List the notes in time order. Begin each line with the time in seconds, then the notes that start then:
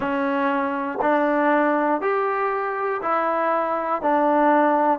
0.00 C#4
1.01 D4
2.01 G4
3.01 E4
4.02 D4